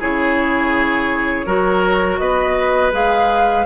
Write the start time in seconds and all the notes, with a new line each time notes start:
0.00 C#3 E4 G#4 C#5
1.46 F#3 F#4 A#4
2.18 B3 B4 D#5
2.93 G#3 G#4 F5